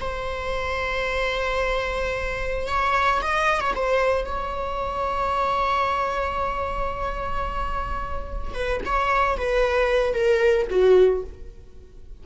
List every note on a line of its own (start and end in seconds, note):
0.00 2.68 C5
2.68 3.21 C#5
3.21 3.60 D#5
3.60 3.74 C#5
3.75 4.25 C5
4.25 8.53 C#5
8.53 8.80 B4
8.85 9.37 C#5
9.37 10.13 B4
10.13 10.67 A#4
10.70 11.23 F#4